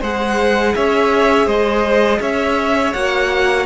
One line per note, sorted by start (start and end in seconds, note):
0.00 0.74 G#3
0.00 2.95 G#4
0.00 0.73 C5
0.00 0.75 F#5
0.75 1.46 C#4
0.75 1.46 C#5
0.75 1.48 E5
1.46 2.19 G#3
1.46 2.19 C5
1.46 2.21 D#5
2.20 2.93 C#4
2.20 3.66 C#5
2.20 2.93 E5
2.93 3.66 A#3
2.93 3.66 F#4
2.93 3.66 F#5